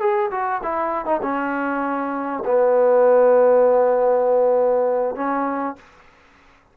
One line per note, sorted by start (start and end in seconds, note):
0.00 0.30 G#4
0.31 0.61 F#4
0.63 1.06 E4
1.06 1.21 D#4
1.22 2.44 C#4
2.45 5.15 B3
5.15 5.76 C#4